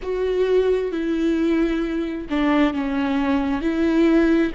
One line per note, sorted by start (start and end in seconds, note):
0.02 0.91 F#4
0.91 2.27 E4
2.29 2.73 D4
2.73 3.61 C#4
3.61 4.52 E4